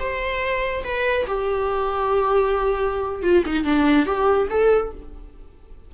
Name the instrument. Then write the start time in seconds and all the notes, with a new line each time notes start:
viola
0.00 C5
0.84 B4
1.27 G4
3.23 F4
3.46 D#4
3.64 D4
4.06 G4
4.50 A4